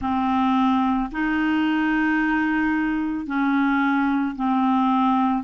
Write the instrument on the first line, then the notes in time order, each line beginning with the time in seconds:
clarinet
0.00 C4
1.11 D#4
3.26 C#4
4.35 C4